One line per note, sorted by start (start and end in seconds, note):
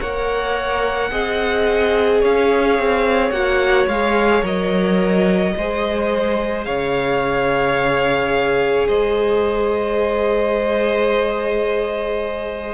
0.00 1.12 A#3
0.00 1.11 A#4
0.00 1.11 C#5
0.00 2.23 F#5
1.11 2.23 C4
1.11 3.33 G#4
1.11 2.21 D#5
2.21 2.79 C#4
2.21 5.54 C#5
2.21 3.31 F5
2.79 3.31 C4
3.31 3.87 A#3
3.31 3.89 F#4
3.31 3.87 F#5
3.88 4.43 G#3
3.88 4.43 G#4
3.88 4.44 F5
4.43 5.54 F#3
4.43 5.54 A#4
4.43 6.65 D#5
5.57 6.66 G#3
5.57 12.75 G#4
5.57 6.67 C5
6.65 8.88 C#3
6.65 8.88 C#5
6.65 8.87 F5
8.88 12.75 G#3
8.88 12.75 C5
8.88 12.75 D#5